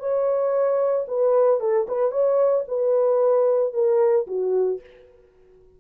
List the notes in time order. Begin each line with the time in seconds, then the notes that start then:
0.00 C#5
1.08 B4
1.60 A4
1.88 B4
2.12 C#5
2.68 B4
3.74 A#4
4.27 F#4